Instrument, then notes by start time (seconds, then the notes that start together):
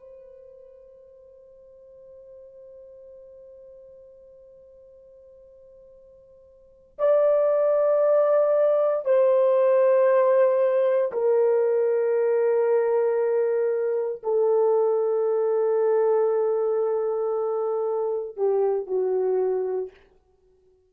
horn
0.00 C5
6.99 D5
9.05 C5
11.12 A#4
14.23 A4
18.37 G4
18.87 F#4